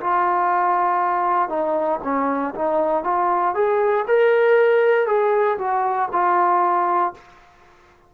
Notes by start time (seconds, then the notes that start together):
0.00 F4
1.49 D#4
2.03 C#4
2.55 D#4
3.04 F4
3.55 G#4
4.07 A#4
5.06 G#4
5.58 F#4
6.12 F4